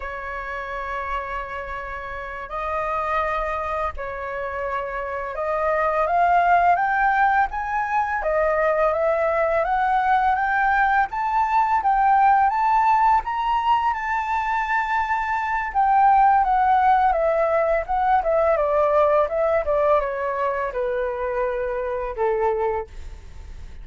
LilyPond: \new Staff \with { instrumentName = "flute" } { \time 4/4 \tempo 4 = 84 cis''2.~ cis''8 dis''8~ | dis''4. cis''2 dis''8~ | dis''8 f''4 g''4 gis''4 dis''8~ | dis''8 e''4 fis''4 g''4 a''8~ |
a''8 g''4 a''4 ais''4 a''8~ | a''2 g''4 fis''4 | e''4 fis''8 e''8 d''4 e''8 d''8 | cis''4 b'2 a'4 | }